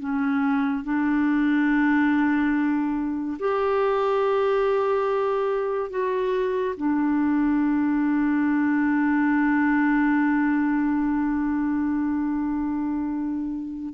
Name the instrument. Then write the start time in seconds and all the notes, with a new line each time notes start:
clarinet
0.00 C#4
0.85 D4
3.40 G4
5.91 F#4
6.78 D4